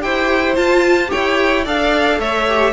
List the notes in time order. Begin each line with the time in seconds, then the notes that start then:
0.00 E4 G4 C5 G5
0.56 F4 A5
1.08 G4 C#5 G5
1.15 E4
1.65 D4 A4 D5 F5
2.19 A3 C#5 E5
2.49 G4